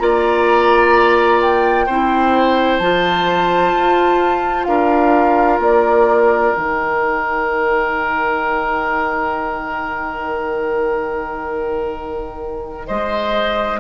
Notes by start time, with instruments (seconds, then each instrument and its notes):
0.00 bassoon A#3, clarinet F4, oboe D5, flute A#5
1.42 flute G5
1.87 bassoon C4, clarinet E4, oboe C5
2.78 bassoon F3, clarinet F4, flute A5
3.74 bassoon F4
4.65 bassoon D4, oboe A#4, flute F5
5.59 bassoon A#3, flute D5
6.56 bassoon D#3, clarinet D#4, flute G5
12.87 bassoon G#3, oboe C5, flute D#5